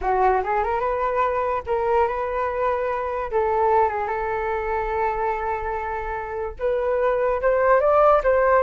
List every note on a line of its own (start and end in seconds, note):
0.01 0.42 F#4
0.43 0.63 G#4
0.63 0.80 A#4
0.80 1.62 B4
1.66 2.07 A#4
2.07 3.30 B4
3.31 3.88 A4
3.88 4.07 G#4
4.07 6.54 A4
6.59 7.41 B4
7.41 7.80 C5
7.80 8.21 D5
8.23 8.62 C5